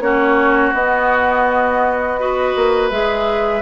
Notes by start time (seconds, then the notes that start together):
0.00 A#3 C#4 F#4 C#5
0.74 B3 D#5
2.19 F#4 B4
2.56 A#3
2.90 G#3 G#4 E5